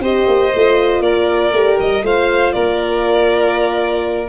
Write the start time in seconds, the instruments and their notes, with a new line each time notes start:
0.00 tuba C4, horn G4, violin C5 D#5
0.28 tuba A#3
0.55 tuba A3, horn F4
1.01 tuba A#3, violin A#4 D5
1.53 tuba A3, horn G4
1.80 tuba G3, violin D#5
2.03 tuba A3, horn F4, violin C5 F5
2.53 tuba A#3, violin A#4 D5